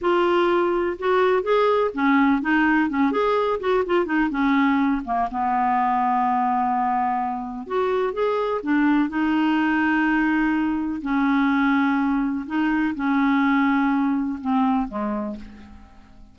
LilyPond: \new Staff \with { instrumentName = "clarinet" } { \time 4/4 \tempo 4 = 125 f'2 fis'4 gis'4 | cis'4 dis'4 cis'8 gis'4 fis'8 | f'8 dis'8 cis'4. ais8 b4~ | b1 |
fis'4 gis'4 d'4 dis'4~ | dis'2. cis'4~ | cis'2 dis'4 cis'4~ | cis'2 c'4 gis4 | }